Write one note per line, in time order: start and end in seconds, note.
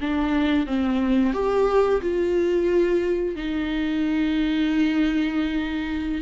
0.00 0.66 D4
0.66 1.33 C4
1.33 2.00 G4
2.01 3.35 F4
3.35 6.21 D#4